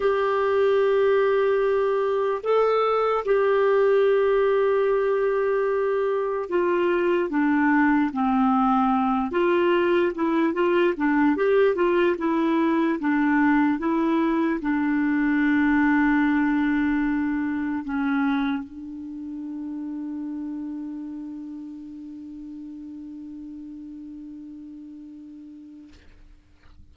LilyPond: \new Staff \with { instrumentName = "clarinet" } { \time 4/4 \tempo 4 = 74 g'2. a'4 | g'1 | f'4 d'4 c'4. f'8~ | f'8 e'8 f'8 d'8 g'8 f'8 e'4 |
d'4 e'4 d'2~ | d'2 cis'4 d'4~ | d'1~ | d'1 | }